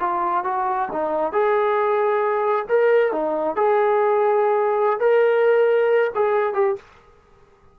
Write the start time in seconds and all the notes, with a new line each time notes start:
0.00 F4
0.44 F#4
0.92 D#4
1.33 G#4
2.69 A#4
3.12 D#4
3.56 G#4
5.00 A#4
6.15 G#4
6.54 G4